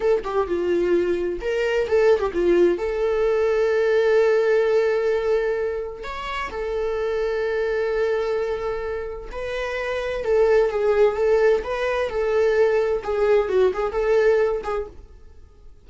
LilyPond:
\new Staff \with { instrumentName = "viola" } { \time 4/4 \tempo 4 = 129 a'8 g'8 f'2 ais'4 | a'8. g'16 f'4 a'2~ | a'1~ | a'4 cis''4 a'2~ |
a'1 | b'2 a'4 gis'4 | a'4 b'4 a'2 | gis'4 fis'8 gis'8 a'4. gis'8 | }